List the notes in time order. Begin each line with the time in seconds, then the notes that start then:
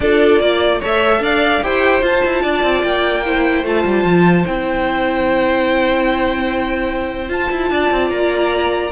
0.00 D4 F4 A4 D5
0.40 A#3 D5
0.80 A3 A4 C#5 E5
1.19 D4 D5 F5
1.61 E4 G4 C5 G5
2.01 F4 A5
2.25 E4
2.42 D4 D5
2.62 C4
2.83 A#3 G5
3.25 E4 C5
3.64 A3 F4 A5
3.85 G3
4.03 F3
4.45 C4 E4 G5
7.28 F4 A5
7.50 E4
7.70 D4 D5
7.90 C4
8.10 A#3 A#5